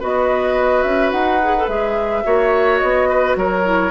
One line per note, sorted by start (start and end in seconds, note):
0.00 0.84 B3
0.00 1.41 F#4
0.00 2.24 B4
0.00 0.82 D#5
0.82 1.12 C#4
0.82 1.11 E5
1.11 1.68 D#4
1.11 1.68 F#5
1.43 1.57 G#4
1.58 1.70 A4
1.68 2.24 G#3
1.68 2.24 G#4
1.68 2.79 E5
2.24 2.82 A#3
2.24 3.64 F#4
2.24 3.09 C#5
2.79 3.36 B3
2.79 3.35 D#5
3.09 3.37 B4
3.36 3.91 F#3
3.36 3.91 A#4
3.36 3.91 C#5
3.65 3.91 E4